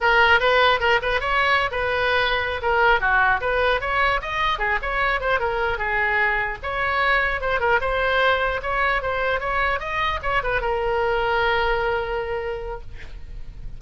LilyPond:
\new Staff \with { instrumentName = "oboe" } { \time 4/4 \tempo 4 = 150 ais'4 b'4 ais'8 b'8 cis''4~ | cis''16 b'2~ b'16 ais'4 fis'8~ | fis'8 b'4 cis''4 dis''4 gis'8 | cis''4 c''8 ais'4 gis'4.~ |
gis'8 cis''2 c''8 ais'8 c''8~ | c''4. cis''4 c''4 cis''8~ | cis''8 dis''4 cis''8 b'8 ais'4.~ | ais'1 | }